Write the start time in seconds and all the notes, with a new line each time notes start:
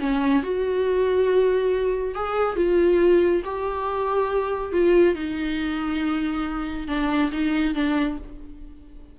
0.00 C#4
0.43 F#4
2.15 G#4
2.56 F4
3.45 G4
4.73 F4
5.15 D#4
6.88 D4
7.32 D#4
7.75 D4